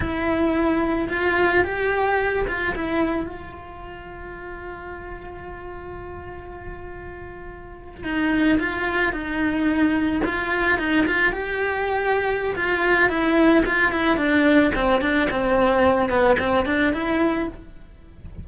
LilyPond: \new Staff \with { instrumentName = "cello" } { \time 4/4 \tempo 4 = 110 e'2 f'4 g'4~ | g'8 f'8 e'4 f'2~ | f'1~ | f'2~ f'8. dis'4 f'16~ |
f'8. dis'2 f'4 dis'16~ | dis'16 f'8 g'2~ g'16 f'4 | e'4 f'8 e'8 d'4 c'8 d'8 | c'4. b8 c'8 d'8 e'4 | }